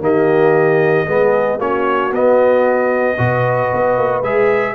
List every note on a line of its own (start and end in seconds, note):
0.00 1.05 D#3
0.00 1.07 A#3
0.00 1.08 G4
0.00 1.61 D#5
1.07 1.60 G#3
1.07 1.60 B3
1.07 1.59 G#4
1.59 2.12 A#3
1.59 2.13 C#4
1.59 3.17 F#4
1.59 2.13 C#5
2.12 3.18 B3
2.12 4.24 D#5
3.18 3.72 B2
3.18 4.23 F#4
3.18 4.75 B4
3.74 3.98 B3
3.98 4.23 A#3
4.23 4.75 G#3
4.23 4.75 G#4
4.23 4.75 E5